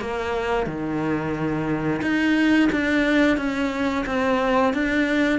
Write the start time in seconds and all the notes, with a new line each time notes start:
0.00 A#3
0.66 D#3
2.01 D#4
2.72 D4
3.37 C#4
4.06 C4
4.73 D4